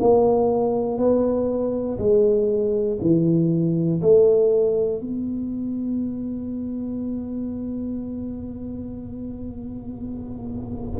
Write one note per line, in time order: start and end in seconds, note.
0.00 0.97 A#3
0.97 1.97 B3
1.98 2.98 G#3
3.01 4.01 E3
4.01 5.00 A3
5.00 11.00 B3